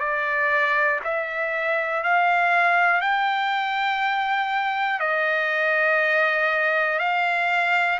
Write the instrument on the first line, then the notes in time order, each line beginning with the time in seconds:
trumpet
0.00 D5
1.04 E5
2.04 F5
3.01 G5
5.00 D#5
6.99 F5